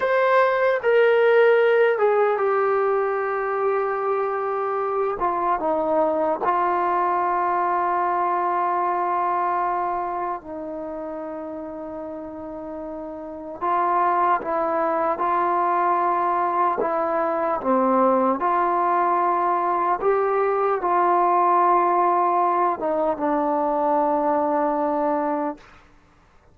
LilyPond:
\new Staff \with { instrumentName = "trombone" } { \time 4/4 \tempo 4 = 75 c''4 ais'4. gis'8 g'4~ | g'2~ g'8 f'8 dis'4 | f'1~ | f'4 dis'2.~ |
dis'4 f'4 e'4 f'4~ | f'4 e'4 c'4 f'4~ | f'4 g'4 f'2~ | f'8 dis'8 d'2. | }